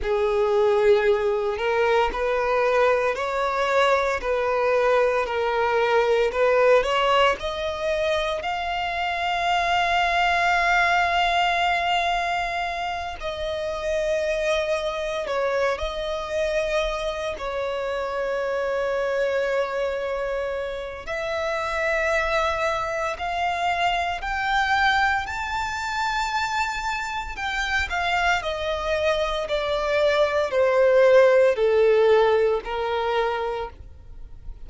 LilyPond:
\new Staff \with { instrumentName = "violin" } { \time 4/4 \tempo 4 = 57 gis'4. ais'8 b'4 cis''4 | b'4 ais'4 b'8 cis''8 dis''4 | f''1~ | f''8 dis''2 cis''8 dis''4~ |
dis''8 cis''2.~ cis''8 | e''2 f''4 g''4 | a''2 g''8 f''8 dis''4 | d''4 c''4 a'4 ais'4 | }